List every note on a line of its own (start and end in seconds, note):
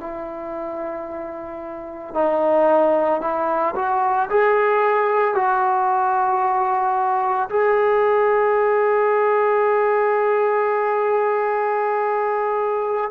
0.00 2.14 E4
2.14 3.21 D#4
3.21 3.75 E4
3.75 4.29 F#4
4.30 5.35 G#4
5.35 7.49 F#4
7.50 13.11 G#4